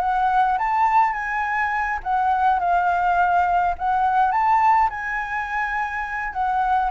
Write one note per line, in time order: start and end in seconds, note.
0.00 0.58 F#5
0.58 1.13 A5
1.13 1.99 G#5
2.03 2.59 F#5
2.59 3.75 F5
3.78 4.32 F#5
4.32 4.89 A5
4.90 6.33 G#5
6.33 6.91 F#5